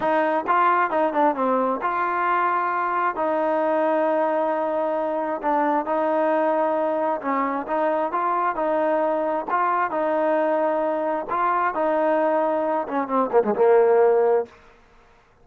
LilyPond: \new Staff \with { instrumentName = "trombone" } { \time 4/4 \tempo 4 = 133 dis'4 f'4 dis'8 d'8 c'4 | f'2. dis'4~ | dis'1 | d'4 dis'2. |
cis'4 dis'4 f'4 dis'4~ | dis'4 f'4 dis'2~ | dis'4 f'4 dis'2~ | dis'8 cis'8 c'8 ais16 gis16 ais2 | }